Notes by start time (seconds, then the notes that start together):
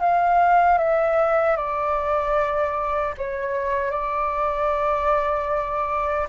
0.00 F5
0.78 E5
1.56 D5
3.18 C#5
3.91 D5